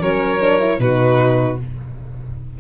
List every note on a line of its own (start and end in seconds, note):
0.00 0.79 F#3
0.00 0.39 C#4
0.00 0.79 A#4
0.00 0.80 C#5
0.41 0.60 D4
0.60 0.79 E4
0.79 1.57 B2
0.79 1.59 D#4
0.79 1.60 F#4
0.79 1.58 B4